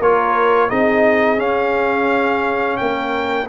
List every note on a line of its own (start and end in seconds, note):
0.00 0.71 A#3
0.00 0.70 F4
0.00 0.70 A#4
0.00 0.70 C#5
0.70 1.39 C4
0.70 1.38 D#4
0.70 2.79 G#4
0.70 1.40 D#5
1.38 3.47 C#4
1.38 2.78 C#4
1.38 2.77 F5
2.77 3.49 A#3
2.77 3.49 A#4
2.77 3.47 G5